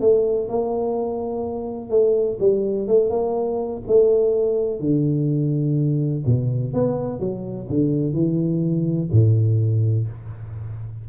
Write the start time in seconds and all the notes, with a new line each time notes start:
0.00 A3
0.48 A#3
1.90 A3
2.39 G3
2.87 A3
3.10 A#3
3.87 A3
4.80 D3
6.25 B2
6.73 B3
7.19 F#3
7.69 D3
8.13 E3
9.11 A2